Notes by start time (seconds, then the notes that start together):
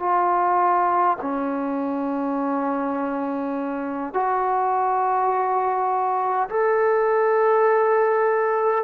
0.00 F4
1.21 C#4
4.14 F#4
6.49 A4